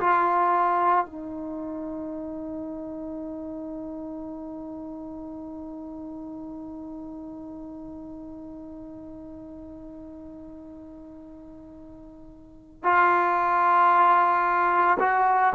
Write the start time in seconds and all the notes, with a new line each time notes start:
0.00 F4
1.06 D#4
12.84 F4
15.00 F#4